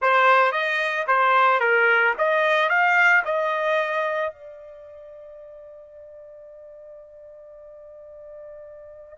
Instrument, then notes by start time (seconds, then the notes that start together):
trumpet
0.01 C5
0.52 D#5
1.07 C5
1.59 A#4
2.17 D#5
2.69 F5
3.25 D#5
4.32 D5